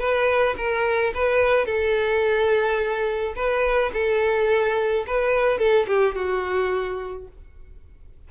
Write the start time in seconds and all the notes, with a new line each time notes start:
0.00 B4
0.58 A#4
1.15 B4
1.66 A4
3.36 B4
3.94 A4
5.07 B4
5.59 A4
5.88 G4
6.16 F#4